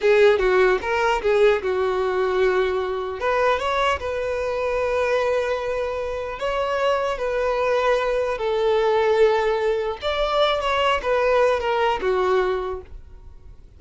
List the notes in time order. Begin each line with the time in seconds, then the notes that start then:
0.01 G#4
0.38 F#4
0.81 A#4
1.21 G#4
1.62 F#4
3.20 B4
3.59 C#5
3.99 B4
6.39 C#5
7.17 B4
8.37 A4
10.01 D5
10.61 C#5
11.02 B4
11.60 A#4
12.01 F#4